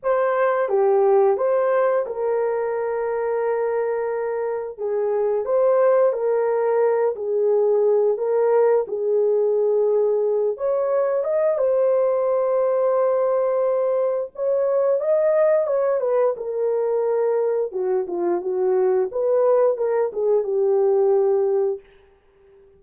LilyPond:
\new Staff \with { instrumentName = "horn" } { \time 4/4 \tempo 4 = 88 c''4 g'4 c''4 ais'4~ | ais'2. gis'4 | c''4 ais'4. gis'4. | ais'4 gis'2~ gis'8 cis''8~ |
cis''8 dis''8 c''2.~ | c''4 cis''4 dis''4 cis''8 b'8 | ais'2 fis'8 f'8 fis'4 | b'4 ais'8 gis'8 g'2 | }